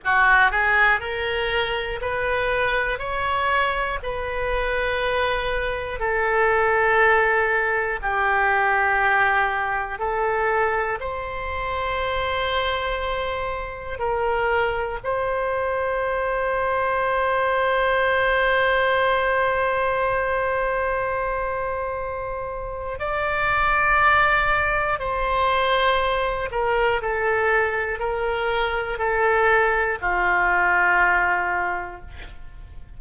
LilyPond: \new Staff \with { instrumentName = "oboe" } { \time 4/4 \tempo 4 = 60 fis'8 gis'8 ais'4 b'4 cis''4 | b'2 a'2 | g'2 a'4 c''4~ | c''2 ais'4 c''4~ |
c''1~ | c''2. d''4~ | d''4 c''4. ais'8 a'4 | ais'4 a'4 f'2 | }